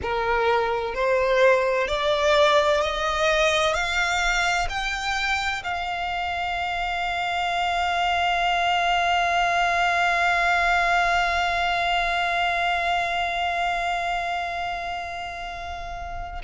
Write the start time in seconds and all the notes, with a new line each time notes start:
0.02 A#4
0.94 C5
1.87 D5
2.81 D#5
3.74 F5
4.69 G5
5.63 F5